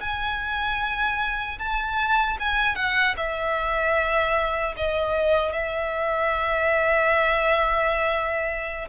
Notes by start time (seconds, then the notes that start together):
0.00 G#5
1.58 A5
2.39 G#5
2.75 F#5
3.17 E5
4.77 D#5
5.52 E5